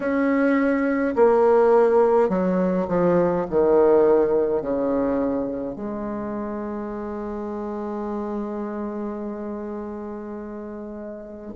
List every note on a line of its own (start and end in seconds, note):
0.00 1.14 C#4
1.15 2.29 A#3
2.29 2.86 F#3
2.88 3.46 F3
3.49 4.61 D#3
4.61 5.75 C#3
5.75 11.52 G#3